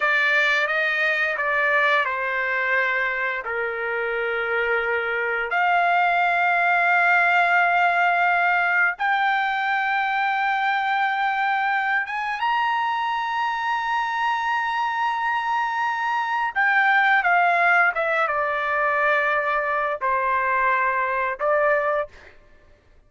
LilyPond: \new Staff \with { instrumentName = "trumpet" } { \time 4/4 \tempo 4 = 87 d''4 dis''4 d''4 c''4~ | c''4 ais'2. | f''1~ | f''4 g''2.~ |
g''4. gis''8 ais''2~ | ais''1 | g''4 f''4 e''8 d''4.~ | d''4 c''2 d''4 | }